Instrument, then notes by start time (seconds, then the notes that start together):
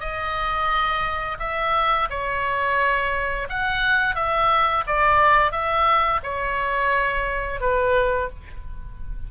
oboe
0.00 D#5
1.39 E5
2.10 C#5
3.49 F#5
4.15 E5
4.87 D5
5.52 E5
6.23 C#5
7.61 B4